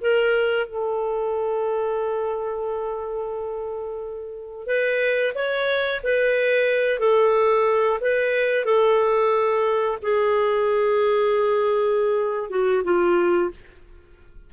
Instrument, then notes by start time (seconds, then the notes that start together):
clarinet
0.00 A#4
0.66 A4
4.66 B4
5.34 C#5
6.03 B4
6.99 A4
8.00 B4
8.65 A4
10.02 G#4
12.49 F#4
12.83 F4